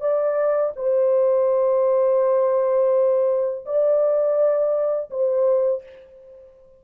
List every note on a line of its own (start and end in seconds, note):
0.00 0.72 D5
0.76 3.65 C5
3.65 5.10 D5
5.10 5.83 C5